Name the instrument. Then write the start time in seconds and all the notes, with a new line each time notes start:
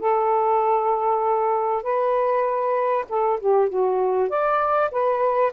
saxophone
0.00 A4
1.83 B4
3.09 A4
3.41 G4
3.70 F#4
4.30 D5
4.92 B4